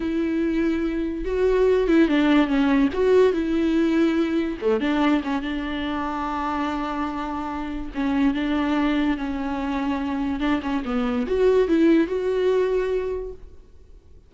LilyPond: \new Staff \with { instrumentName = "viola" } { \time 4/4 \tempo 4 = 144 e'2. fis'4~ | fis'8 e'8 d'4 cis'4 fis'4 | e'2. a8 d'8~ | d'8 cis'8 d'2.~ |
d'2. cis'4 | d'2 cis'2~ | cis'4 d'8 cis'8 b4 fis'4 | e'4 fis'2. | }